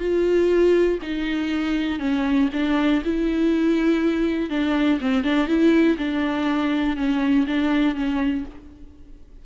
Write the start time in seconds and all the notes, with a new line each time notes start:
0.00 F4
1.03 D#4
2.00 C#4
2.54 D4
3.05 E4
4.50 D4
5.01 C4
5.24 D4
5.48 E4
5.98 D4
6.97 C#4
7.47 D4
7.95 C#4